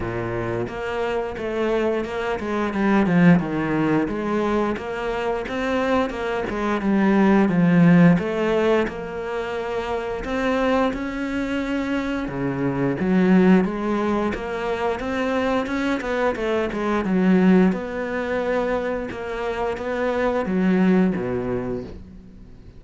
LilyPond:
\new Staff \with { instrumentName = "cello" } { \time 4/4 \tempo 4 = 88 ais,4 ais4 a4 ais8 gis8 | g8 f8 dis4 gis4 ais4 | c'4 ais8 gis8 g4 f4 | a4 ais2 c'4 |
cis'2 cis4 fis4 | gis4 ais4 c'4 cis'8 b8 | a8 gis8 fis4 b2 | ais4 b4 fis4 b,4 | }